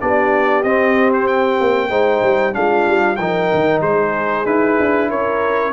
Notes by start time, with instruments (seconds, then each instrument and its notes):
0.00 tuba B3, trombone D4, horn G4, trumpet D5
0.63 tuba C4, trombone C4, trumpet D#5
1.13 trumpet C5
1.27 trumpet G5
1.60 tuba A#3
1.89 tuba G#3, trombone D#4, horn C5
2.22 tuba G3
2.52 tuba G#3, trombone D4, horn F4, trumpet F5
2.87 tuba G3
3.16 tuba F3, trombone D#4, horn A#4, trumpet G5
3.54 tuba D#3
3.81 tuba G#3, horn G#4, trumpet C5
4.45 tuba D#4, trombone E4, trumpet B4
4.79 tuba D4
5.09 tuba C#4, horn A#4, trumpet C#5